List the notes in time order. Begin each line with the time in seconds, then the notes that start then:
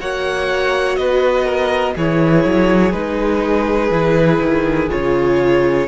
0.00 A#3 F#4 C#5 F#5
0.96 B3 B4 D#5
1.45 A#4
1.95 E3 E4 G#4 C#5
2.45 F#3
2.92 G#3 D#4 B4
3.90 E3 E4
4.41 D#3
4.90 C#3 F4 C#5